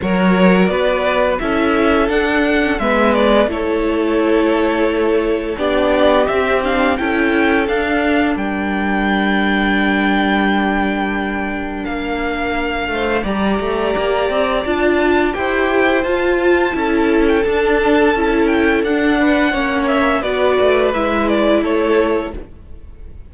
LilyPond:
<<
  \new Staff \with { instrumentName = "violin" } { \time 4/4 \tempo 4 = 86 cis''4 d''4 e''4 fis''4 | e''8 d''8 cis''2. | d''4 e''8 f''8 g''4 f''4 | g''1~ |
g''4 f''2 ais''4~ | ais''4 a''4 g''4 a''4~ | a''8. g''16 a''4. g''8 fis''4~ | fis''8 e''8 d''4 e''8 d''8 cis''4 | }
  \new Staff \with { instrumentName = "violin" } { \time 4/4 ais'4 b'4 a'2 | b'4 a'2. | g'2 a'2 | ais'1~ |
ais'2~ ais'8 c''8 d''4~ | d''2 c''2 | a'2.~ a'8 b'8 | cis''4 b'2 a'4 | }
  \new Staff \with { instrumentName = "viola" } { \time 4/4 fis'2 e'4 d'8. cis'16 | b4 e'2. | d'4 c'8 d'8 e'4 d'4~ | d'1~ |
d'2. g'4~ | g'4 f'4 g'4 f'4 | e'4 d'4 e'4 d'4 | cis'4 fis'4 e'2 | }
  \new Staff \with { instrumentName = "cello" } { \time 4/4 fis4 b4 cis'4 d'4 | gis4 a2. | b4 c'4 cis'4 d'4 | g1~ |
g4 ais4. a8 g8 a8 | ais8 c'8 d'4 e'4 f'4 | cis'4 d'4 cis'4 d'4 | ais4 b8 a8 gis4 a4 | }
>>